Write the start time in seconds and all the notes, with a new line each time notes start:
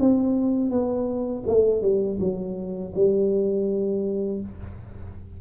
0.00 C4
0.71 B3
1.47 A3
1.82 G3
2.20 F#3
2.95 G3